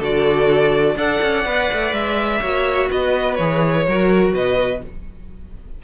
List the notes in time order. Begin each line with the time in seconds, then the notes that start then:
0.00 D3 F#4 A4 D5
0.96 D4 A4 D5 F#5
1.22 C#4
1.46 B3 B4
1.73 A3
1.93 G#3 E5
2.41 A#3 F#4 C#5
2.90 B3 B4 D#5
3.35 E3 G#4 C#5
3.88 F#3 F#4 A#4
4.34 B2 B4 D#5